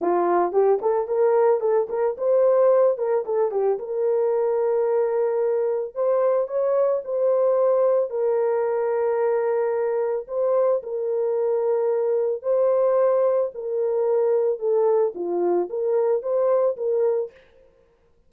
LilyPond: \new Staff \with { instrumentName = "horn" } { \time 4/4 \tempo 4 = 111 f'4 g'8 a'8 ais'4 a'8 ais'8 | c''4. ais'8 a'8 g'8 ais'4~ | ais'2. c''4 | cis''4 c''2 ais'4~ |
ais'2. c''4 | ais'2. c''4~ | c''4 ais'2 a'4 | f'4 ais'4 c''4 ais'4 | }